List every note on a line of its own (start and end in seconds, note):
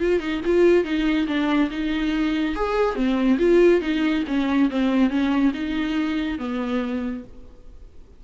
0.00 0.20 F4
0.20 0.41 D#4
0.45 0.84 F4
0.84 1.27 D#4
1.28 1.70 D4
1.71 2.56 D#4
2.56 2.96 G#4
2.96 3.38 C4
3.39 3.81 F4
3.81 4.24 D#4
4.28 4.70 C#4
4.70 5.10 C4
5.10 5.53 C#4
5.54 6.39 D#4
6.39 7.24 B3